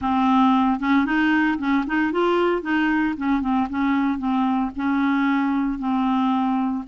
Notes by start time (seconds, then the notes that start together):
0.01 C4
0.80 C#4
1.05 D#4
1.58 C#4
1.86 D#4
2.12 F4
2.62 D#4
3.17 C#4
3.41 C4
3.69 C#4
4.18 C4
4.75 C#4
5.78 C4